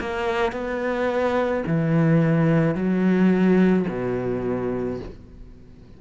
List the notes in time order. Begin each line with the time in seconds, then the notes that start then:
0.00 A#3
0.52 B3
1.67 E3
2.75 F#3
3.89 B2